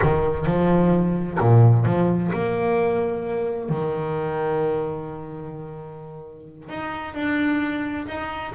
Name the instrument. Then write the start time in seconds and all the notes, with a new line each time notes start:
double bass
0.02 D#3
0.46 F3
1.39 A#2
1.85 F3
2.32 A#3
3.69 D#3
6.68 D#4
7.14 D4
8.07 D#4